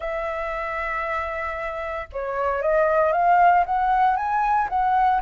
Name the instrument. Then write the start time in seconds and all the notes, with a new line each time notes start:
flute
0.00 E5
2.12 C#5
2.61 D#5
3.12 F5
3.65 F#5
4.16 G#5
4.69 F#5